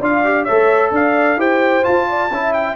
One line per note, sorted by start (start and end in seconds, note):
0.00 0.47 D4
0.00 0.24 F4
0.00 0.44 D5
0.00 0.45 F5
0.24 0.47 G4
0.44 0.91 A3
0.44 1.38 A4
0.44 0.90 C#5
0.44 0.91 E5
0.91 1.37 D4
0.91 1.38 D5
0.91 1.40 F5
1.37 1.83 E4
1.37 1.82 G4
1.37 2.08 C5
1.37 1.84 G5
1.82 2.29 F4
1.82 2.30 F4
1.82 2.53 A5
2.08 2.31 D5
2.30 2.76 C#4
2.30 2.76 E4
2.30 2.76 E5
2.53 2.76 G5